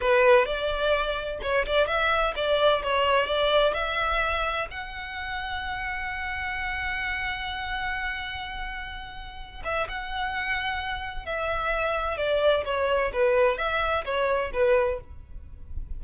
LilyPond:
\new Staff \with { instrumentName = "violin" } { \time 4/4 \tempo 4 = 128 b'4 d''2 cis''8 d''8 | e''4 d''4 cis''4 d''4 | e''2 fis''2~ | fis''1~ |
fis''1~ | fis''8 e''8 fis''2. | e''2 d''4 cis''4 | b'4 e''4 cis''4 b'4 | }